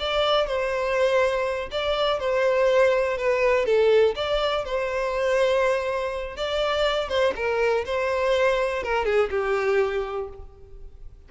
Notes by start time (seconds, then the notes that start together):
0.00 D5
0.47 C5
1.72 D5
2.20 C5
3.18 B4
3.66 A4
4.16 D5
4.65 C5
6.37 D5
7.09 C5
7.36 A#4
7.86 C5
8.83 A#4
9.05 G#4
9.31 G4